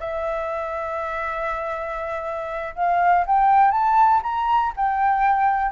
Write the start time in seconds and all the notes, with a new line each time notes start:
0.00 E5
2.75 F5
3.27 G5
3.72 A5
4.23 A#5
4.77 G5